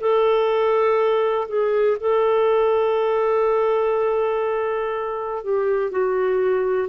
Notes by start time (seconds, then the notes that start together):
0.00 A4
1.48 G#4
2.00 A4
5.44 G4
5.91 F#4